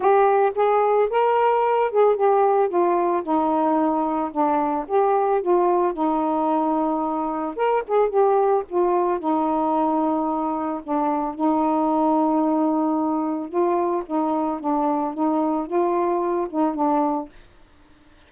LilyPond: \new Staff \with { instrumentName = "saxophone" } { \time 4/4 \tempo 4 = 111 g'4 gis'4 ais'4. gis'8 | g'4 f'4 dis'2 | d'4 g'4 f'4 dis'4~ | dis'2 ais'8 gis'8 g'4 |
f'4 dis'2. | d'4 dis'2.~ | dis'4 f'4 dis'4 d'4 | dis'4 f'4. dis'8 d'4 | }